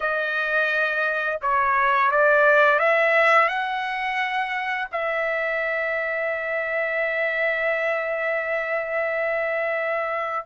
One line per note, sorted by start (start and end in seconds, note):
0.00 1.39 D#5
1.41 2.11 C#5
2.11 2.79 D5
2.79 3.48 E5
3.48 4.87 F#5
4.92 10.46 E5